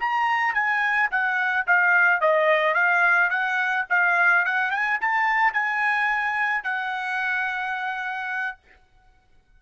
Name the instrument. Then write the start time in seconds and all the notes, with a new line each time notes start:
trumpet
0.00 A#5
0.54 G#5
1.11 F#5
1.67 F5
2.21 D#5
2.75 F5
3.30 F#5
3.90 F5
4.45 F#5
4.71 G#5
5.01 A5
5.53 G#5
6.64 F#5